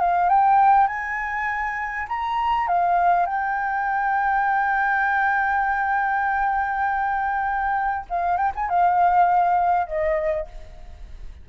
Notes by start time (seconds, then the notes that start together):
0.00 F5
0.29 G5
0.87 G#5
2.09 A#5
2.68 F5
3.26 G5
8.10 F5
8.37 G5
8.55 G#5
8.69 F5
9.87 D#5